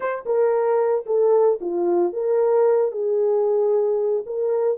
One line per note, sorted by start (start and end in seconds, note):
0.00 0.24 C5
0.25 1.05 A#4
1.05 1.59 A4
1.60 2.12 F4
2.12 2.91 A#4
2.91 4.24 G#4
4.26 4.78 A#4